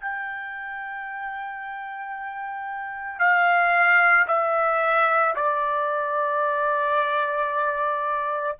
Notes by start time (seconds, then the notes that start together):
0.00 G5
3.19 F5
4.27 E5
5.35 D5